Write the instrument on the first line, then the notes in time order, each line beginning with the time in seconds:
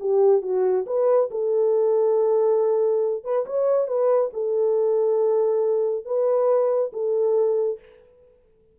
horn
0.00 G4
0.42 F#4
0.86 B4
1.31 A4
3.24 B4
3.46 C#5
3.88 B4
4.33 A4
6.05 B4
6.93 A4